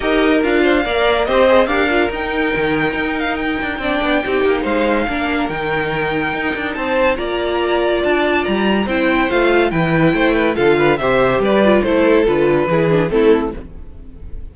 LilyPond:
<<
  \new Staff \with { instrumentName = "violin" } { \time 4/4 \tempo 4 = 142 dis''4 f''2 dis''4 | f''4 g''2~ g''8 f''8 | g''2. f''4~ | f''4 g''2. |
a''4 ais''2 a''4 | ais''4 g''4 f''4 g''4~ | g''4 f''4 e''4 d''4 | c''4 b'2 a'4 | }
  \new Staff \with { instrumentName = "violin" } { \time 4/4 ais'4. c''8 d''4 c''4 | ais'1~ | ais'4 d''4 g'4 c''4 | ais'1 |
c''4 d''2.~ | d''4 c''2 b'4 | c''8 b'8 a'8 b'8 c''4 b'4 | a'2 gis'4 e'4 | }
  \new Staff \with { instrumentName = "viola" } { \time 4/4 g'4 f'4 ais'4 g'8 gis'8 | g'8 f'8 dis'2.~ | dis'4 d'4 dis'2 | d'4 dis'2.~ |
dis'4 f'2.~ | f'4 e'4 f'4 e'4~ | e'4 f'4 g'4. f'8 | e'4 f'4 e'8 d'8 c'4 | }
  \new Staff \with { instrumentName = "cello" } { \time 4/4 dis'4 d'4 ais4 c'4 | d'4 dis'4 dis4 dis'4~ | dis'8 d'8 c'8 b8 c'8 ais8 gis4 | ais4 dis2 dis'8 d'8 |
c'4 ais2 d'4 | g4 c'4 a4 e4 | a4 d4 c4 g4 | a4 d4 e4 a4 | }
>>